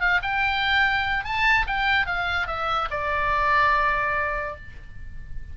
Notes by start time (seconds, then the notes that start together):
0.00 F5
0.22 G5
1.24 A5
1.67 G5
2.06 F5
2.47 E5
2.90 D5